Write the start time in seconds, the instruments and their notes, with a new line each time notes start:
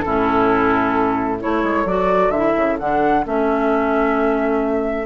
0.00 clarinet C#4, oboe E4, flute A4
0.07 bassoon A2
1.40 bassoon A3, clarinet E4, oboe A4, flute C#5
1.63 bassoon G#3
1.85 bassoon F#3, clarinet F#4, flute D5
2.29 bassoon D3, flute E5
2.36 clarinet E4
2.56 bassoon C#3
2.79 bassoon D3, clarinet D4, flute F#5
3.24 bassoon A3, clarinet C#4, flute E5